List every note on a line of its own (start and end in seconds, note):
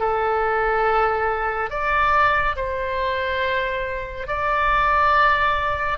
0.00 1.70 A4
1.70 2.56 D5
2.56 4.27 C5
4.27 5.98 D5